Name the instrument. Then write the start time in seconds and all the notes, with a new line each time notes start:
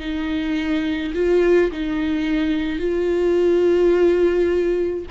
viola
0.00 D#4
1.15 F4
1.72 D#4
2.79 F4